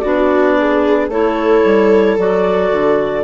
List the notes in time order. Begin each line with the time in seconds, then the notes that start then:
0.00 B3 D4 F#4 D5
0.58 G#4
1.09 A3 E4 A4 C#5
1.65 G3
2.18 F#3 F#4 D5
2.72 D3